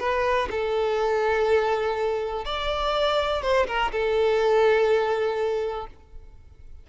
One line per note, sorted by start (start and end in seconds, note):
0.00 0.49 B4
0.51 2.45 A4
2.45 3.43 D5
3.43 3.67 C5
3.67 3.92 A#4
3.92 5.87 A4